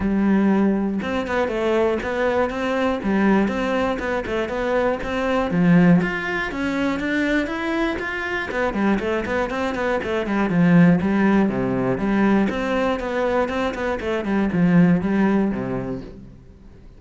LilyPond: \new Staff \with { instrumentName = "cello" } { \time 4/4 \tempo 4 = 120 g2 c'8 b8 a4 | b4 c'4 g4 c'4 | b8 a8 b4 c'4 f4 | f'4 cis'4 d'4 e'4 |
f'4 b8 g8 a8 b8 c'8 b8 | a8 g8 f4 g4 c4 | g4 c'4 b4 c'8 b8 | a8 g8 f4 g4 c4 | }